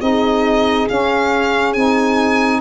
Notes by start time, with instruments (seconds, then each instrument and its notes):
0.00 tuba C4, saxophone D#4, horn G#4, violin D#5
0.89 saxophone C#4, tuba C#4, violin F5
1.73 tuba C4, saxophone D#4, violin G#5